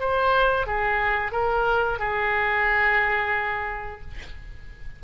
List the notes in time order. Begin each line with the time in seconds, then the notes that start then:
0.00 C5
0.67 G#4
1.32 A#4
1.99 G#4